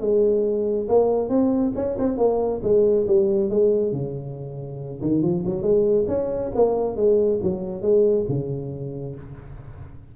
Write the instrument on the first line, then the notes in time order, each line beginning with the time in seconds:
tuba
0.00 G#3
0.88 A#3
1.29 C4
1.75 C#4
1.98 C4
2.17 A#3
2.63 G#3
3.07 G3
3.50 G#3
3.92 C#3
5.01 D#3
5.22 F3
5.45 F#3
5.62 G#3
6.08 C#4
6.55 A#3
6.96 G#3
7.42 F#3
7.82 G#3
8.28 C#3